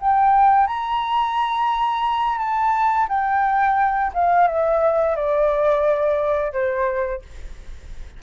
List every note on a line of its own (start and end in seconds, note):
0.00 0.67 G5
0.67 2.38 A#5
2.38 3.07 A5
3.09 4.12 G5
4.13 4.47 F5
4.47 5.16 E5
5.16 6.53 D5
6.53 7.22 C5